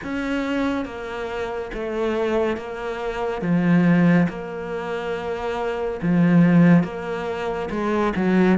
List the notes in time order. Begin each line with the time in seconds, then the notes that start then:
0.03 C#4
0.85 A#3
1.73 A3
2.56 A#3
3.41 F3
4.29 A#3
6.02 F3
6.83 A#3
7.70 G#3
8.16 F#3